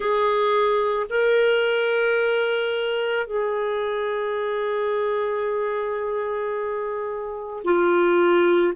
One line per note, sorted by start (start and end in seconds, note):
0.00 1.07 G#4
1.09 3.26 A#4
3.26 7.63 G#4
7.64 8.73 F4